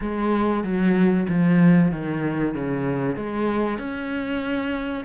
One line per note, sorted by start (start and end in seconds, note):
0.00 0.63 G#3
0.63 1.26 F#3
1.28 1.91 F3
1.91 2.54 D#3
2.54 3.16 C#3
3.16 3.78 G#3
3.78 5.04 C#4